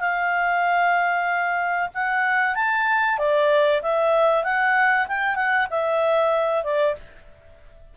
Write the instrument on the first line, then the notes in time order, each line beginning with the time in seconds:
clarinet
0.00 F5
1.94 F#5
2.55 A5
3.18 D5
3.82 E5
4.44 F#5
5.08 G5
5.35 F#5
5.70 E5
6.64 D5